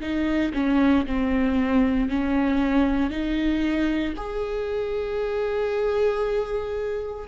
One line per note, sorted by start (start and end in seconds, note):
0.00 0.52 D#4
0.54 1.05 C#4
1.06 2.09 C4
2.09 3.10 C#4
3.10 4.13 D#4
4.16 7.26 G#4